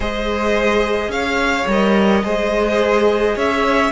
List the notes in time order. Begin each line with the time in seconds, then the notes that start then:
0.00 G#3 G#4 C5 D#5
1.08 C#4 C#5 F5
1.66 G3 A#4 D#5
2.23 G#3 G#4 C5
3.35 C#4 C#5 E5